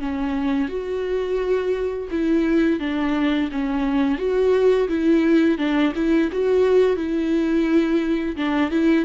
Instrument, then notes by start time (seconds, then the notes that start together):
viola
0.00 C#4
0.69 F#4
2.11 E4
2.80 D4
3.52 C#4
4.19 F#4
4.89 E4
5.58 D4
5.96 E4
6.32 F#4
6.97 E4
8.37 D4
8.71 E4